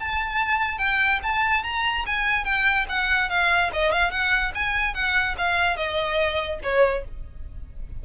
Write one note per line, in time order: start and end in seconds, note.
0.00 0.78 A5
0.78 1.20 G5
1.23 1.64 A5
1.64 2.05 A#5
2.06 2.45 G#5
2.45 2.86 G5
2.89 3.29 F#5
3.29 3.71 F5
3.73 3.92 D#5
3.92 4.11 F5
4.11 4.52 F#5
4.54 4.94 G#5
4.94 5.35 F#5
5.38 5.77 F5
5.77 6.59 D#5
6.63 7.04 C#5